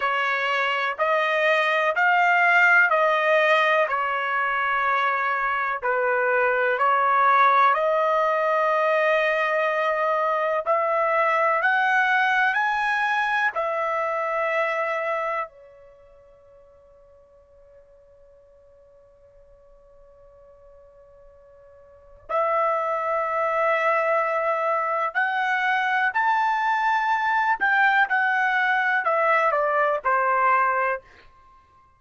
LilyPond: \new Staff \with { instrumentName = "trumpet" } { \time 4/4 \tempo 4 = 62 cis''4 dis''4 f''4 dis''4 | cis''2 b'4 cis''4 | dis''2. e''4 | fis''4 gis''4 e''2 |
cis''1~ | cis''2. e''4~ | e''2 fis''4 a''4~ | a''8 g''8 fis''4 e''8 d''8 c''4 | }